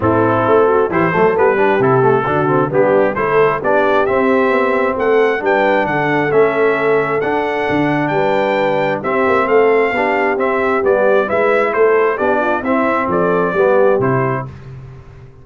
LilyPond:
<<
  \new Staff \with { instrumentName = "trumpet" } { \time 4/4 \tempo 4 = 133 a'2 c''4 b'4 | a'2 g'4 c''4 | d''4 e''2 fis''4 | g''4 fis''4 e''2 |
fis''2 g''2 | e''4 f''2 e''4 | d''4 e''4 c''4 d''4 | e''4 d''2 c''4 | }
  \new Staff \with { instrumentName = "horn" } { \time 4/4 e'4. fis'8 g'8 a'4 g'8~ | g'4 fis'4 d'4 a'4 | g'2. a'4 | b'4 a'2.~ |
a'2 b'2 | g'4 a'4 g'2~ | g'4 b'4 a'4 g'8 f'8 | e'4 a'4 g'2 | }
  \new Staff \with { instrumentName = "trombone" } { \time 4/4 c'2 e'8 a8 b8 d'8 | e'8 a8 d'8 c'8 b4 e'4 | d'4 c'2. | d'2 cis'2 |
d'1 | c'2 d'4 c'4 | b4 e'2 d'4 | c'2 b4 e'4 | }
  \new Staff \with { instrumentName = "tuba" } { \time 4/4 a,4 a4 e8 fis8 g4 | c4 d4 g4 a4 | b4 c'4 b4 a4 | g4 d4 a2 |
d'4 d4 g2 | c'8 ais8 a4 b4 c'4 | g4 gis4 a4 b4 | c'4 f4 g4 c4 | }
>>